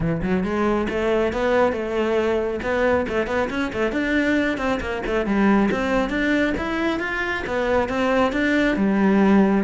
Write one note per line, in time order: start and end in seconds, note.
0.00 0.21 E3
0.22 0.43 F#3
0.43 0.87 G#3
0.89 1.33 A3
1.33 1.72 B3
1.72 2.60 A3
2.62 3.06 B3
3.09 3.26 A3
3.26 3.48 B3
3.50 3.71 C#4
3.72 3.92 A3
3.92 4.57 D4
4.57 4.79 C4
4.80 5.02 A#3
5.06 5.26 A3
5.26 5.69 G3
5.71 6.09 C4
6.09 6.53 D4
6.57 6.99 E4
6.99 7.43 F4
7.46 7.88 B3
7.88 8.32 C4
8.32 8.76 D4
8.76 9.63 G3